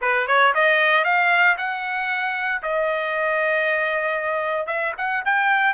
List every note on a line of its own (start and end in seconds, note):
0.01 0.27 B4
0.27 0.53 C#5
0.54 1.04 D#5
1.04 1.56 F5
1.57 2.62 F#5
2.62 4.66 D#5
4.66 4.92 E5
4.97 5.23 F#5
5.25 5.73 G5